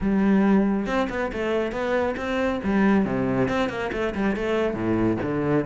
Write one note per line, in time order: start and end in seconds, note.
0.00 0.86 G3
0.86 1.08 C4
1.09 1.31 B3
1.32 1.72 A3
1.72 2.15 B3
2.17 2.60 C4
2.63 3.05 G3
3.05 3.48 C3
3.48 3.69 C4
3.69 3.91 A#3
3.92 4.14 A3
4.14 4.36 G3
4.36 4.74 A3
4.74 5.17 A2
5.22 5.65 D3